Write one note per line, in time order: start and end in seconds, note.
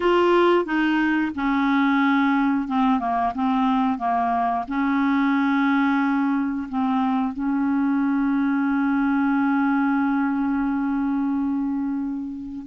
0.00 0.65 F4
0.65 1.32 D#4
1.35 2.68 C#4
2.68 2.99 C4
2.99 3.32 A#3
3.34 3.98 C4
3.98 4.65 A#3
4.68 6.68 C#4
6.68 7.33 C4
7.33 12.66 C#4